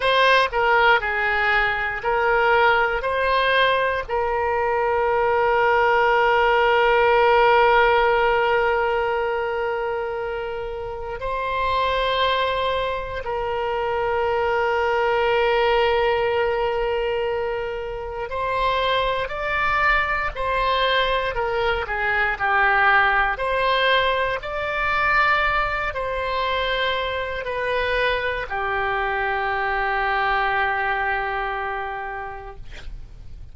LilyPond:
\new Staff \with { instrumentName = "oboe" } { \time 4/4 \tempo 4 = 59 c''8 ais'8 gis'4 ais'4 c''4 | ais'1~ | ais'2. c''4~ | c''4 ais'2.~ |
ais'2 c''4 d''4 | c''4 ais'8 gis'8 g'4 c''4 | d''4. c''4. b'4 | g'1 | }